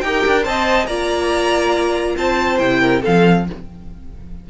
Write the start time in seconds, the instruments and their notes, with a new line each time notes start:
0.00 cello D#4, viola G4, violin G5
0.06 violin A#4
0.26 cello D4
0.42 cello C4, viola C5, violin D#5 A5
0.86 cello A#3, viola F4, violin D5 A#5
2.17 cello C4, violin C5 A5
2.58 cello C3, viola E4, violin G5
2.81 violin A#4
3.02 cello F3, viola C4, violin A4 F5